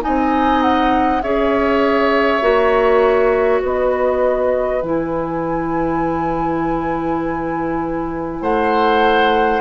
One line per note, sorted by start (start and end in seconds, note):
0.00 1.23 C4
0.00 1.20 D#4
0.00 1.23 D#5
0.00 0.62 G#5
0.62 1.22 F#5
1.22 2.41 C#4
1.22 2.41 G#4
1.22 3.62 C#5
1.22 3.62 E5
2.41 3.61 A#3
2.41 4.81 F#4
3.62 4.82 B3
3.62 8.42 B4
3.62 4.82 D#5
4.82 8.41 E3
4.82 9.61 E4
4.82 8.42 G#5
8.41 9.61 A3
8.41 9.61 C5
8.41 9.61 F#5